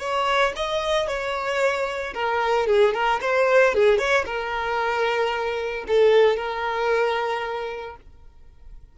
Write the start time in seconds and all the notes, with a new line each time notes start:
0.00 C#5
0.56 D#5
1.08 C#5
2.14 A#4
2.67 G#4
2.94 A#4
3.21 C5
3.75 G#4
3.99 C#5
4.26 A#4
5.88 A4
6.37 A#4